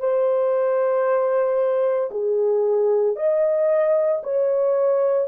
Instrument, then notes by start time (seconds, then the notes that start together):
horn
0.00 C5
2.11 G#4
3.17 D#5
4.24 C#5